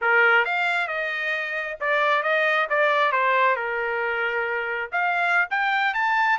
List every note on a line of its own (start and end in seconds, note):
0.01 0.45 A#4
0.45 0.87 F5
0.87 1.77 D#5
1.80 2.22 D5
2.22 2.67 D#5
2.69 3.12 D5
3.12 3.55 C5
3.55 4.90 A#4
4.92 5.48 F5
5.50 5.93 G5
5.93 6.38 A5